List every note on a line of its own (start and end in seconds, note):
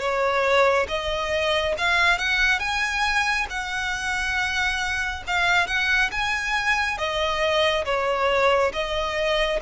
0.00 0.87 C#5
0.89 1.75 D#5
1.78 2.19 F5
2.19 2.60 F#5
2.60 3.47 G#5
3.50 5.24 F#5
5.27 5.67 F5
5.67 6.11 F#5
6.12 6.98 G#5
6.98 7.85 D#5
7.85 8.72 C#5
8.73 9.60 D#5